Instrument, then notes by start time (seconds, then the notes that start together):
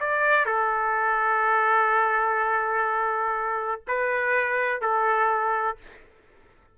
trumpet
0.00 D5
0.46 A4
3.87 B4
4.81 A4